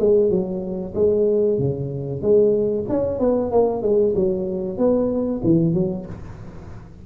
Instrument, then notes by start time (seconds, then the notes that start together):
tuba
0.00 G#3
0.30 F#3
0.95 G#3
1.59 C#3
2.22 G#3
2.89 C#4
3.20 B3
3.51 A#3
3.82 G#3
4.16 F#3
4.78 B3
5.44 E3
5.74 F#3